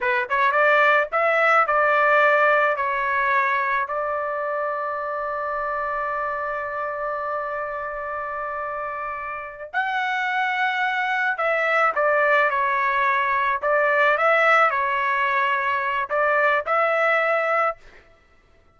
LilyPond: \new Staff \with { instrumentName = "trumpet" } { \time 4/4 \tempo 4 = 108 b'8 cis''8 d''4 e''4 d''4~ | d''4 cis''2 d''4~ | d''1~ | d''1~ |
d''4. fis''2~ fis''8~ | fis''8 e''4 d''4 cis''4.~ | cis''8 d''4 e''4 cis''4.~ | cis''4 d''4 e''2 | }